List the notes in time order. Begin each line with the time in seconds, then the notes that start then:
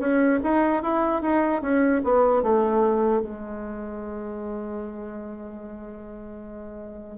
0.00 C#4
0.44 D#4
0.83 E4
1.22 D#4
1.62 C#4
2.04 B3
2.43 A3
3.22 G#3